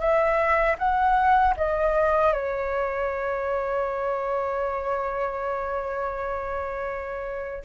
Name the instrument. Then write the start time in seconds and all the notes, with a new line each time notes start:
flute
0.00 E5
0.78 F#5
1.57 D#5
2.33 C#5